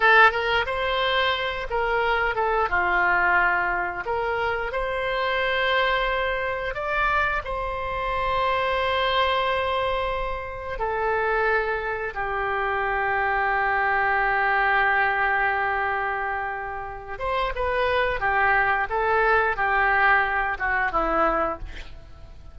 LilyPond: \new Staff \with { instrumentName = "oboe" } { \time 4/4 \tempo 4 = 89 a'8 ais'8 c''4. ais'4 a'8 | f'2 ais'4 c''4~ | c''2 d''4 c''4~ | c''1 |
a'2 g'2~ | g'1~ | g'4. c''8 b'4 g'4 | a'4 g'4. fis'8 e'4 | }